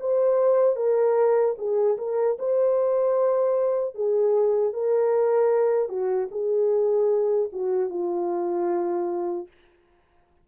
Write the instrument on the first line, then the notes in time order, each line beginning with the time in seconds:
horn
0.00 C5
0.76 A#4
1.58 G#4
1.98 A#4
2.39 C5
3.95 G#4
4.73 A#4
5.89 F#4
6.31 G#4
7.52 F#4
7.89 F4